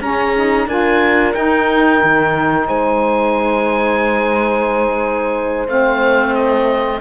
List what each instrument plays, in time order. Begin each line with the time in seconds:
0.00 cello C#4, saxophone C#4, horn G#4, oboe A#5
0.35 saxophone D#4
0.67 cello D4, saxophone F4, horn A#4, oboe G#5
1.33 saxophone D#4, cello D#4, oboe G5
2.03 cello D#3
2.67 cello G#3, horn C5, oboe G#5
5.67 cello A3, saxophone C4, oboe F5
6.34 oboe D#5